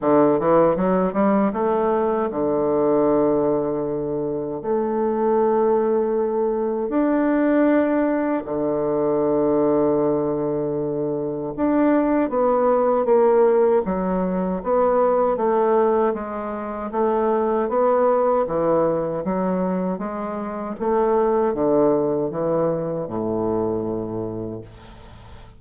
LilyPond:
\new Staff \with { instrumentName = "bassoon" } { \time 4/4 \tempo 4 = 78 d8 e8 fis8 g8 a4 d4~ | d2 a2~ | a4 d'2 d4~ | d2. d'4 |
b4 ais4 fis4 b4 | a4 gis4 a4 b4 | e4 fis4 gis4 a4 | d4 e4 a,2 | }